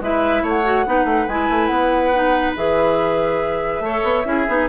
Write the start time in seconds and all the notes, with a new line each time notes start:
0.00 G#3 E4 B4 E5
0.43 A3 C#5 F#5
0.64 F#4
0.86 B3 D#4 B4
1.04 A3
1.28 G#3 E4 G#5
1.49 A3
1.67 B3 F#5
2.14 D#4
2.56 E3 G#4 E5
3.80 A3 A4 C#5
4.03 B3
4.25 C#4 E4 G#4
4.48 B3 D#4